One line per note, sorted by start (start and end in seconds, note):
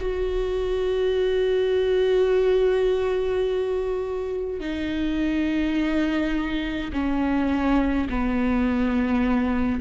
0.00 4.60 F#4
4.60 6.91 D#4
6.92 8.08 C#4
8.10 9.81 B3